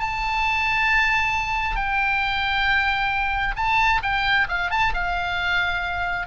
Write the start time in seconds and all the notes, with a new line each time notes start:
0.00 A5
1.76 G5
3.57 A5
4.03 G5
4.49 F5
4.71 A5
4.94 F5